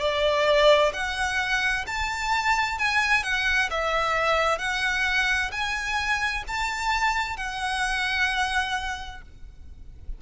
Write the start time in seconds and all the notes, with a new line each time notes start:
0.00 D5
0.93 F#5
1.87 A5
2.79 G#5
3.23 F#5
3.70 E5
4.58 F#5
5.51 G#5
6.47 A5
7.37 F#5